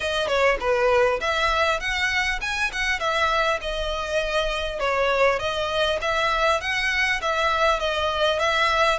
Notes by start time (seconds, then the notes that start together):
0.00 D#5
0.27 C#5
0.60 B4
1.20 E5
1.80 F#5
2.41 G#5
2.72 F#5
2.99 E5
3.61 D#5
4.79 C#5
5.39 D#5
6.01 E5
6.60 F#5
7.21 E5
7.79 D#5
8.39 E5